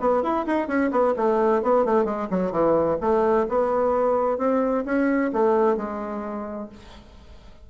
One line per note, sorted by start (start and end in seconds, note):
0.00 0.23 B3
0.23 0.46 E4
0.47 0.68 D#4
0.68 0.91 C#4
0.91 1.14 B3
1.16 1.63 A3
1.63 1.85 B3
1.85 2.05 A3
2.05 2.28 G#3
2.31 2.52 F#3
2.52 2.98 E3
3.01 3.47 A3
3.49 4.38 B3
4.38 4.84 C4
4.85 5.31 C#4
5.33 5.77 A3
5.77 6.69 G#3